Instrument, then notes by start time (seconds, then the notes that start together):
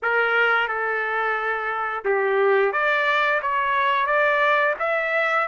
trumpet
0.02 A#4
0.68 A4
2.05 G4
2.72 D5
3.42 C#5
4.06 D5
4.79 E5